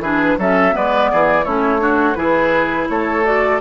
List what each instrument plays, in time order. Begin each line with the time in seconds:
0.00 bassoon E3, clarinet D4, oboe G#4, flute B4
0.38 bassoon F#3, clarinet C#4, oboe A4, flute E5
0.71 bassoon G#3, clarinet B3, oboe B4, flute D5
1.12 bassoon E3, oboe G#4
1.44 bassoon A3, clarinet C#4, oboe E4, flute C#5
1.79 clarinet D4, oboe F#4
2.15 bassoon E3, clarinet E4, oboe G#4, flute B4
2.90 bassoon A3, oboe A4, flute C#5
3.25 clarinet F#4, flute D5